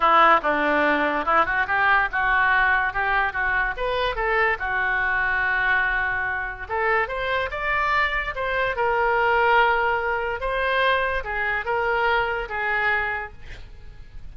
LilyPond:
\new Staff \with { instrumentName = "oboe" } { \time 4/4 \tempo 4 = 144 e'4 d'2 e'8 fis'8 | g'4 fis'2 g'4 | fis'4 b'4 a'4 fis'4~ | fis'1 |
a'4 c''4 d''2 | c''4 ais'2.~ | ais'4 c''2 gis'4 | ais'2 gis'2 | }